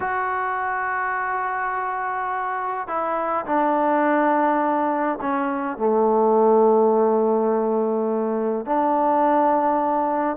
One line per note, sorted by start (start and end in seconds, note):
0.00 2.87 F#4
2.87 3.45 E4
3.45 5.18 D4
5.21 5.77 C#4
5.77 8.65 A3
8.65 10.37 D4